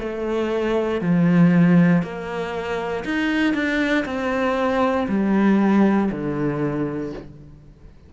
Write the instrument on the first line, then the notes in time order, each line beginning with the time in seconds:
cello
0.00 A3
1.02 F3
2.03 A#3
3.05 D#4
3.54 D4
4.05 C4
5.09 G3
6.12 D3